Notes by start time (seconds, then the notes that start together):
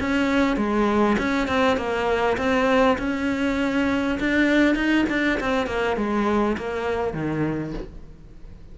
0.00 C#4
0.56 G#3
1.18 C#4
1.47 C4
1.76 A#3
2.37 C4
2.98 C#4
4.19 D4
4.75 D#4
5.09 D4
5.40 C4
5.66 A#3
5.96 G#3
6.57 A#3
7.13 D#3